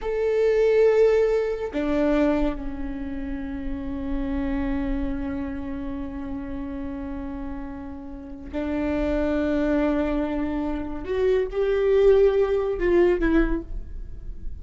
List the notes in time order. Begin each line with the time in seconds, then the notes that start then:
0.01 A4
1.73 D4
2.55 C#4
8.51 D4
11.04 F#4
11.51 G4
12.79 F4
13.20 E4